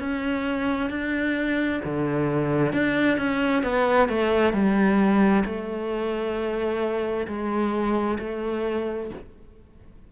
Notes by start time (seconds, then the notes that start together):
0.00 C#4
0.90 D4
1.85 D3
2.73 D4
3.18 C#4
3.64 B3
4.10 A3
4.53 G3
5.45 A3
7.28 G#3
8.20 A3